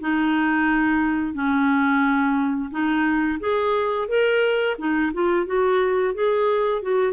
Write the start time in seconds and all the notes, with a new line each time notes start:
0.00 D#4
1.34 C#4
2.71 D#4
3.40 G#4
4.08 A#4
4.78 D#4
5.13 F4
5.46 F#4
6.14 G#4
6.82 F#4